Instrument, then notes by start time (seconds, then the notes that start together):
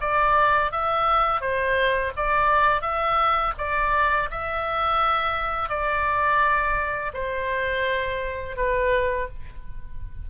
oboe
0.00 D5
0.71 E5
1.40 C5
2.16 D5
2.81 E5
3.58 D5
4.31 E5
5.69 D5
7.13 C5
8.56 B4